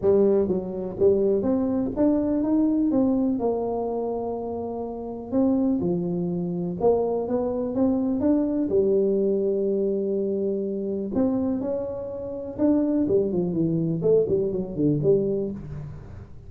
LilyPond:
\new Staff \with { instrumentName = "tuba" } { \time 4/4 \tempo 4 = 124 g4 fis4 g4 c'4 | d'4 dis'4 c'4 ais4~ | ais2. c'4 | f2 ais4 b4 |
c'4 d'4 g2~ | g2. c'4 | cis'2 d'4 g8 f8 | e4 a8 g8 fis8 d8 g4 | }